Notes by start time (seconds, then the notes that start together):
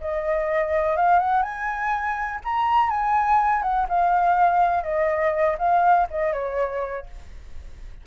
0.00 D#5
0.96 F5
1.19 F#5
1.42 G#5
2.44 A#5
2.90 G#5
3.62 F#5
3.88 F5
4.83 D#5
5.58 F5
6.10 D#5
6.32 C#5